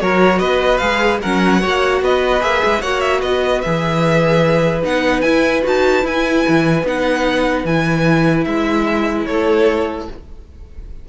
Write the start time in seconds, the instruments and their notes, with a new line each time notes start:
0.00 cello F#3, viola F#4, violin A#4 C#5
0.39 cello B3, violin B4 D#5
0.78 cello G#3, viola G#4, violin F5
1.21 cello F#3, viola C#4, violin A#4 F#5
1.61 cello A#3, viola F#4, violin C#5
2.02 cello B3, violin B4 D#5
2.40 cello A#3, viola G#4, violin E5
2.64 cello G#3
2.81 cello A#3, viola F#4, violin C#5 F#5
3.00 violin E5
3.21 cello B3, violin B4 D#5
3.61 cello E3, viola G#4, violin E5
4.83 cello B3, viola D#4, violin F#5
5.21 cello E4, viola E4, violin G#5
5.63 cello D#4, viola F#4, violin A5
6.03 viola E4, cello E4, violin G#5
6.48 cello E3
6.83 cello B3, viola D#4, violin F#5
7.65 cello E3, viola E4, violin G#5
8.45 cello G#3, violin E5
9.25 cello A3, violin A4 C#5